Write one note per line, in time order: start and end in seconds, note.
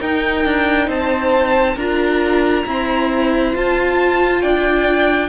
0.00 1.76 D#4
0.00 0.45 D#4
0.00 0.88 A#4
0.00 0.90 G5
0.45 0.87 D4
0.87 1.76 C4
0.87 1.76 C5
0.87 1.78 A5
1.76 2.65 D4
1.76 2.66 F4
1.76 2.64 A#4
1.76 3.55 A#5
2.66 3.53 C4
2.66 3.54 E4
2.66 4.41 C5
3.53 5.29 F4
3.53 4.43 F4
3.53 4.42 A5
4.41 5.29 D4
4.41 5.29 D5
4.41 5.29 G5